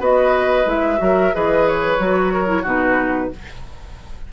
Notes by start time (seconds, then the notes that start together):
0.00 B3 F#4 B4 D#5
0.66 G#3 E4 E5
0.98 F#3 F#4 A#4
1.33 E3 G#4 B4 D#5
1.68 C#5
1.99 F#3 F#4
2.34 A#4
2.47 E4
2.62 B2 D#4 F#4 B4